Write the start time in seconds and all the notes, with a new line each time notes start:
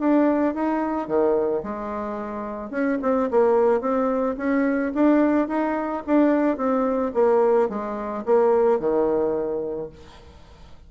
0.00 D4
0.54 D#4
1.08 D#3
1.63 G#3
2.70 C#4
3.02 C4
3.31 A#3
3.81 C4
4.37 C#4
4.95 D4
5.48 D#4
6.07 D4
6.57 C4
7.14 A#3
7.69 G#3
8.26 A#3
8.80 D#3